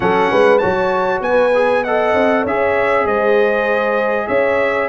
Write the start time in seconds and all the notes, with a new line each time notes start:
0.00 F#3 C#4 A4 F#5
0.31 G#3 B4
0.58 F#3 F#4 C#5 A5
1.20 B3 B4 G#5
1.54 G#4
1.83 A4 D#5 F#5
2.13 C4
2.41 C#4 G#4 C#5 E5
3.04 G#3 C5 D#5
4.27 C#4 C#5 E5